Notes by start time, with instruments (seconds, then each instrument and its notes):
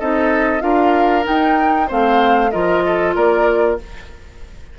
0.00 bassoon C4, clarinet D#4, oboe A4, flute D#5
0.61 bassoon D4, clarinet F4, oboe A#4, flute F5
1.24 clarinet D#4, bassoon D#4, flute G5
1.88 bassoon A3, clarinet C4, oboe C5, flute F5
2.51 bassoon F3, clarinet F4, oboe A#4, flute D#5
2.86 oboe A4
3.15 bassoon A#3, oboe A#4, flute D5